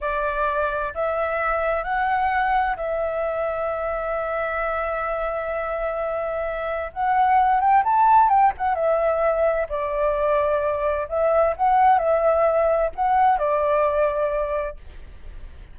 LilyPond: \new Staff \with { instrumentName = "flute" } { \time 4/4 \tempo 4 = 130 d''2 e''2 | fis''2 e''2~ | e''1~ | e''2. fis''4~ |
fis''8 g''8 a''4 g''8 fis''8 e''4~ | e''4 d''2. | e''4 fis''4 e''2 | fis''4 d''2. | }